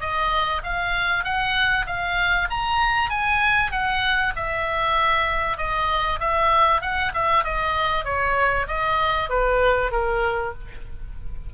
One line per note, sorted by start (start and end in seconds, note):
0.00 0.62 D#5
0.63 1.24 F5
1.24 1.86 F#5
1.86 2.48 F5
2.50 3.10 A#5
3.10 3.71 G#5
3.71 4.33 F#5
4.36 5.57 E5
5.57 6.19 D#5
6.20 6.81 E5
6.81 7.12 F#5
7.14 7.44 E5
7.44 8.05 D#5
8.05 8.67 C#5
8.67 9.29 D#5
9.30 9.91 B4
9.91 10.53 A#4